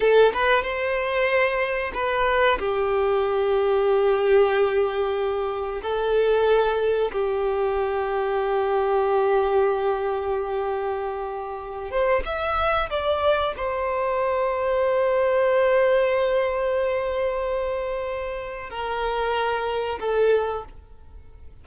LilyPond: \new Staff \with { instrumentName = "violin" } { \time 4/4 \tempo 4 = 93 a'8 b'8 c''2 b'4 | g'1~ | g'4 a'2 g'4~ | g'1~ |
g'2~ g'8 c''8 e''4 | d''4 c''2.~ | c''1~ | c''4 ais'2 a'4 | }